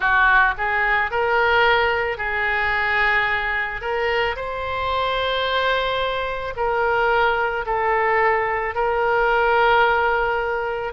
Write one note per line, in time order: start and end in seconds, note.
0.00 0.54 F#4
0.57 1.11 G#4
1.11 2.17 A#4
2.17 3.81 G#4
3.81 4.35 A#4
4.35 6.54 C5
6.56 7.65 A#4
7.66 8.75 A4
8.75 10.93 A#4